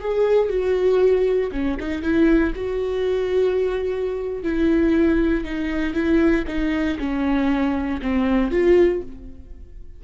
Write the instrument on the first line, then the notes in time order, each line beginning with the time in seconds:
viola
0.00 G#4
0.49 F#4
1.52 C#4
1.80 D#4
2.02 E4
2.55 F#4
4.43 E4
5.45 D#4
5.94 E4
6.48 D#4
6.99 C#4
8.02 C4
8.51 F4